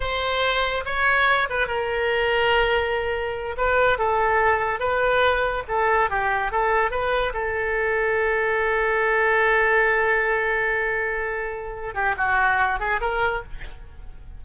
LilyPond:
\new Staff \with { instrumentName = "oboe" } { \time 4/4 \tempo 4 = 143 c''2 cis''4. b'8 | ais'1~ | ais'8 b'4 a'2 b'8~ | b'4. a'4 g'4 a'8~ |
a'8 b'4 a'2~ a'8~ | a'1~ | a'1~ | a'8 g'8 fis'4. gis'8 ais'4 | }